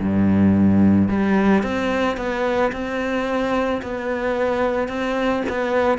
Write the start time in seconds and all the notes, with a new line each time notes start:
0.00 G2
1.09 G3
1.63 C4
2.17 B3
2.72 C4
3.82 B3
4.88 C4
5.49 B3